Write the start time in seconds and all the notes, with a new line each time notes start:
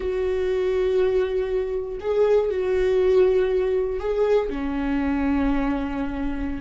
0.00 F#4
2.00 G#4
2.50 F#4
4.00 G#4
4.49 C#4